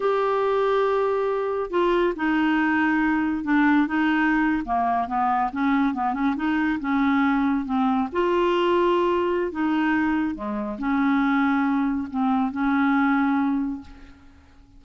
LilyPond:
\new Staff \with { instrumentName = "clarinet" } { \time 4/4 \tempo 4 = 139 g'1 | f'4 dis'2. | d'4 dis'4.~ dis'16 ais4 b16~ | b8. cis'4 b8 cis'8 dis'4 cis'16~ |
cis'4.~ cis'16 c'4 f'4~ f'16~ | f'2 dis'2 | gis4 cis'2. | c'4 cis'2. | }